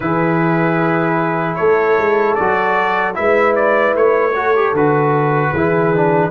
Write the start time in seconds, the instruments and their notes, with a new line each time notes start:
0.00 tuba E3, trombone E4, horn G#4, trumpet B4
1.55 tuba A3, horn A4, trumpet C#5
1.98 tuba G#3
2.35 tuba F#3, trombone F#4, trumpet D5
3.14 tuba G#3, trombone E4, horn B4, trumpet E5
3.55 trumpet D5
3.94 tuba A3, trumpet C#5
4.35 trombone F#4, horn A4
4.55 trombone G4
4.73 tuba D3, trombone F#4, trumpet B4
5.50 tuba E3, horn G#4
5.56 trombone E4
5.94 trombone D4